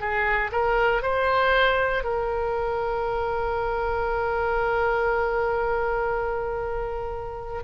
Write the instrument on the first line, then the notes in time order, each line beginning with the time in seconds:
oboe
0.00 G#4
0.51 A#4
1.02 C5
2.03 A#4